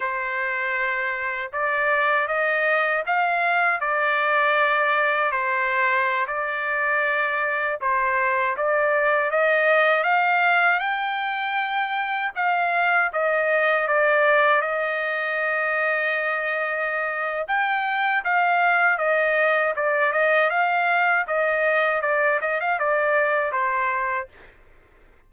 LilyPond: \new Staff \with { instrumentName = "trumpet" } { \time 4/4 \tempo 4 = 79 c''2 d''4 dis''4 | f''4 d''2 c''4~ | c''16 d''2 c''4 d''8.~ | d''16 dis''4 f''4 g''4.~ g''16~ |
g''16 f''4 dis''4 d''4 dis''8.~ | dis''2. g''4 | f''4 dis''4 d''8 dis''8 f''4 | dis''4 d''8 dis''16 f''16 d''4 c''4 | }